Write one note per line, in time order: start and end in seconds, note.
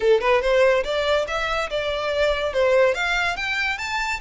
0.00 0.20 A4
0.20 0.41 B4
0.41 0.83 C5
0.84 1.26 D5
1.27 1.69 E5
1.70 2.53 D5
2.53 2.94 C5
2.94 3.36 F5
3.36 3.78 G5
3.78 4.20 A5